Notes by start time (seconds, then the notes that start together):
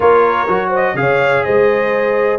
0.00 A#3 F4 A#4 C#5
0.48 F#3 F#4
0.69 C5
0.75 D#5
0.94 C#3 G#4 C#5 F5
1.44 G#3 C5 D#5